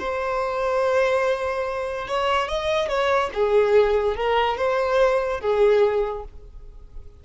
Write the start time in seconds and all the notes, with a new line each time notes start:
0.00 C5
2.08 C#5
2.49 D#5
2.89 C#5
3.34 G#4
4.17 A#4
4.58 C5
5.41 G#4